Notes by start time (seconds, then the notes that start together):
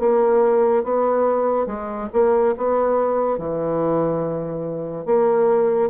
0.00 A#3
0.84 B3
1.67 G#3
2.13 A#3
2.58 B3
3.38 E3
5.06 A#3